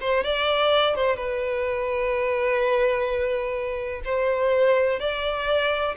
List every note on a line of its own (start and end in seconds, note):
0.00 0.23 C5
0.23 0.95 D5
0.95 1.16 C5
1.16 4.02 B4
4.04 5.00 C5
5.00 5.95 D5